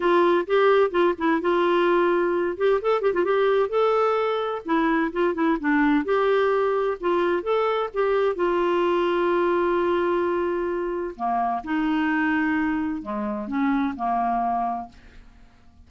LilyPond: \new Staff \with { instrumentName = "clarinet" } { \time 4/4 \tempo 4 = 129 f'4 g'4 f'8 e'8 f'4~ | f'4. g'8 a'8 g'16 f'16 g'4 | a'2 e'4 f'8 e'8 | d'4 g'2 f'4 |
a'4 g'4 f'2~ | f'1 | ais4 dis'2. | gis4 cis'4 ais2 | }